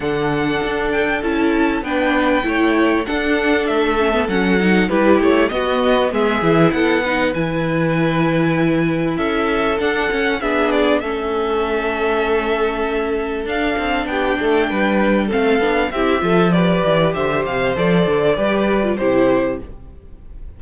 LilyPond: <<
  \new Staff \with { instrumentName = "violin" } { \time 4/4 \tempo 4 = 98 fis''4. g''8 a''4 g''4~ | g''4 fis''4 e''4 fis''4 | b'8 cis''8 dis''4 e''4 fis''4 | gis''2. e''4 |
fis''4 e''8 d''8 e''2~ | e''2 f''4 g''4~ | g''4 f''4 e''4 d''4 | e''8 f''8 d''2 c''4 | }
  \new Staff \with { instrumentName = "violin" } { \time 4/4 a'2. b'4 | cis''4 a'2. | g'4 fis'4 gis'4 a'8 b'8~ | b'2. a'4~ |
a'4 gis'4 a'2~ | a'2. g'8 a'8 | b'4 a'4 g'8 a'8 b'4 | c''2 b'4 g'4 | }
  \new Staff \with { instrumentName = "viola" } { \time 4/4 d'2 e'4 d'4 | e'4 d'4. cis'16 b16 cis'8 dis'8 | e'4 b4. e'4 dis'8 | e'1 |
d'8 cis'8 d'4 cis'2~ | cis'2 d'2~ | d'4 c'8 d'8 e'8 f'8 g'4~ | g'4 a'4 g'8. f'16 e'4 | }
  \new Staff \with { instrumentName = "cello" } { \time 4/4 d4 d'4 cis'4 b4 | a4 d'4 a4 fis4 | g8 a8 b4 gis8 e8 b4 | e2. cis'4 |
d'8 cis'8 b4 a2~ | a2 d'8 c'8 b8 a8 | g4 a8 b8 c'8 f4 e8 | d8 c8 f8 d8 g4 c4 | }
>>